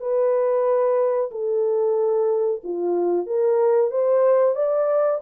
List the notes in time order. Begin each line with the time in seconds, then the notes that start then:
0.00 B4
1.31 A4
2.64 F4
3.27 A#4
3.91 C5
4.55 D5